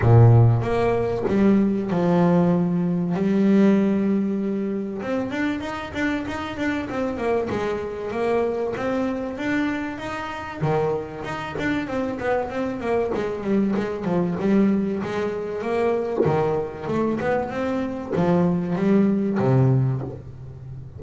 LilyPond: \new Staff \with { instrumentName = "double bass" } { \time 4/4 \tempo 4 = 96 ais,4 ais4 g4 f4~ | f4 g2. | c'8 d'8 dis'8 d'8 dis'8 d'8 c'8 ais8 | gis4 ais4 c'4 d'4 |
dis'4 dis4 dis'8 d'8 c'8 b8 | c'8 ais8 gis8 g8 gis8 f8 g4 | gis4 ais4 dis4 a8 b8 | c'4 f4 g4 c4 | }